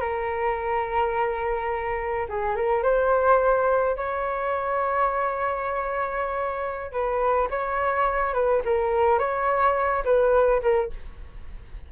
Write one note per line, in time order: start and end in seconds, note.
0.00 2.26 A#4
2.28 2.55 G#4
2.55 2.83 A#4
2.83 3.96 C5
3.96 6.92 C#5
6.92 7.48 B4
7.50 8.33 C#5
8.33 8.61 B4
8.64 9.19 A#4
9.19 10.03 C#5
10.04 10.61 B4
10.62 10.90 A#4